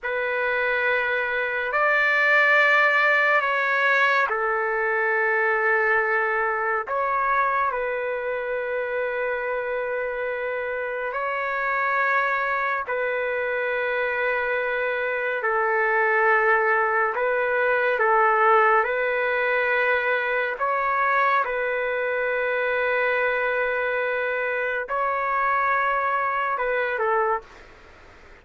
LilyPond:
\new Staff \with { instrumentName = "trumpet" } { \time 4/4 \tempo 4 = 70 b'2 d''2 | cis''4 a'2. | cis''4 b'2.~ | b'4 cis''2 b'4~ |
b'2 a'2 | b'4 a'4 b'2 | cis''4 b'2.~ | b'4 cis''2 b'8 a'8 | }